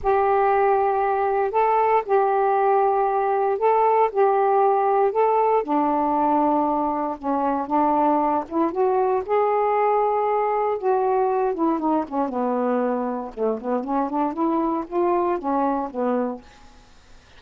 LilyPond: \new Staff \with { instrumentName = "saxophone" } { \time 4/4 \tempo 4 = 117 g'2. a'4 | g'2. a'4 | g'2 a'4 d'4~ | d'2 cis'4 d'4~ |
d'8 e'8 fis'4 gis'2~ | gis'4 fis'4. e'8 dis'8 cis'8 | b2 a8 b8 cis'8 d'8 | e'4 f'4 cis'4 b4 | }